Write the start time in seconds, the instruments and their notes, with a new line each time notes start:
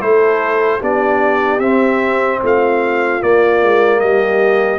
0.00 tuba A3, trombone E4, horn A4, trumpet C5
0.79 tuba B3, trombone D4, horn G4, trumpet D5
1.59 tuba C4, trombone C4, trumpet E5
2.42 tuba A3, horn F4, trumpet F5
3.21 trombone A#3, tuba A#3, trumpet D5
3.63 tuba G#3
4.00 tuba G3, horn G4, trumpet D#5